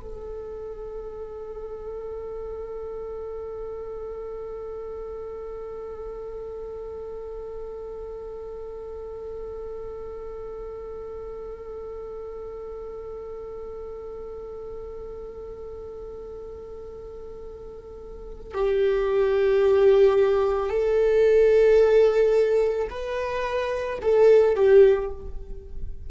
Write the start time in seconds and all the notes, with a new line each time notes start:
0.00 A4
18.54 G4
20.70 A4
22.90 B4
24.02 A4
24.56 G4